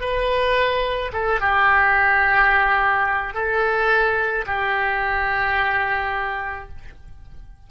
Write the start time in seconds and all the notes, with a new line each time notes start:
0.00 B4
1.13 A4
1.40 G4
3.34 A4
4.46 G4